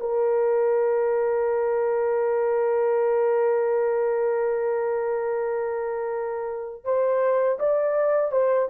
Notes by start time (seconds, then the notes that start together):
0.00 A#4
6.84 C5
7.59 D5
8.32 C5